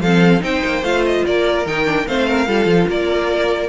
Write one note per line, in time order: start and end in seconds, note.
0.00 0.41 F3
0.00 0.40 C4
0.00 0.43 A4
0.00 0.42 F5
0.40 0.63 C4
0.40 0.81 D#4
0.40 1.26 C5
0.40 0.84 G5
0.64 0.82 A#3
0.82 1.23 A3
0.82 1.66 F4
0.82 1.05 F5
1.05 1.25 D#5
1.25 1.65 A#3
1.25 2.08 A#4
1.25 1.66 D5
1.65 2.06 D#3
1.65 1.85 D#4
1.65 2.07 G5
1.85 2.05 D4
2.07 2.47 A3
2.07 2.46 C4
2.07 2.28 C5
2.07 2.88 F5
2.28 2.47 A#4
2.46 2.65 G3
2.46 3.69 F4
2.46 2.88 A4
2.65 2.86 F3
2.88 3.69 A#3
2.88 3.69 A#4
2.88 3.69 D5